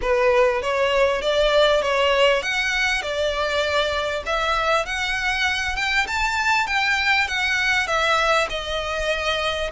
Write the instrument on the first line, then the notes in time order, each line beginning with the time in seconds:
violin
0.01 B4
0.62 C#5
1.21 D5
1.82 C#5
2.42 F#5
3.02 D5
4.26 E5
4.85 F#5
5.76 G5
6.07 A5
6.66 G5
7.27 F#5
7.87 E5
8.49 D#5